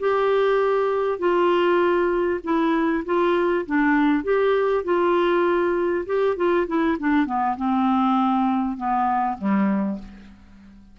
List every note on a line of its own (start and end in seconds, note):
0.00 1.19 G4
1.19 2.40 F4
2.44 3.05 E4
3.06 3.66 F4
3.66 4.24 D4
4.24 4.85 G4
4.85 6.06 F4
6.06 6.37 G4
6.37 6.67 F4
6.68 6.98 E4
7.00 7.26 D4
7.26 7.57 B3
7.57 8.77 C4
8.77 9.38 B3
9.39 9.99 G3